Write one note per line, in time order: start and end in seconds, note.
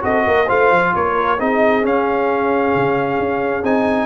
0.00 0.26 C4
0.00 0.45 F#4
0.00 0.26 A4
0.00 0.49 D#5
0.26 0.49 A#3
0.26 0.46 A#4
0.46 0.70 A3
0.46 1.37 F4
0.46 0.91 C5
0.46 0.94 F5
0.70 0.93 F3
0.94 1.40 A#3
0.94 1.39 A#4
0.94 1.40 C#5
1.38 1.84 C4
1.38 1.82 D#4
1.38 4.05 G#4
1.38 1.85 D#5
1.82 3.63 C#4
1.82 2.74 C#4
1.82 3.64 F5
2.75 3.19 C#3
3.19 3.63 C#4
3.63 4.05 C4
3.63 4.05 D#4
3.63 4.05 G#5